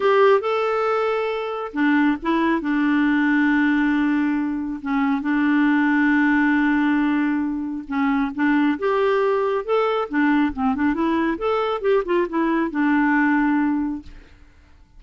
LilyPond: \new Staff \with { instrumentName = "clarinet" } { \time 4/4 \tempo 4 = 137 g'4 a'2. | d'4 e'4 d'2~ | d'2. cis'4 | d'1~ |
d'2 cis'4 d'4 | g'2 a'4 d'4 | c'8 d'8 e'4 a'4 g'8 f'8 | e'4 d'2. | }